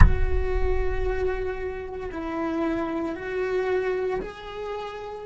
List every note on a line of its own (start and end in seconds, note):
0.00 2.10 F#4
2.11 3.15 E4
3.15 4.20 F#4
4.21 5.25 G#4